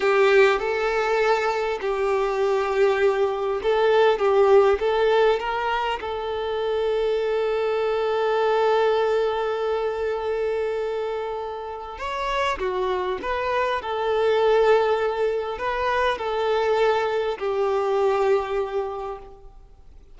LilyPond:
\new Staff \with { instrumentName = "violin" } { \time 4/4 \tempo 4 = 100 g'4 a'2 g'4~ | g'2 a'4 g'4 | a'4 ais'4 a'2~ | a'1~ |
a'1 | cis''4 fis'4 b'4 a'4~ | a'2 b'4 a'4~ | a'4 g'2. | }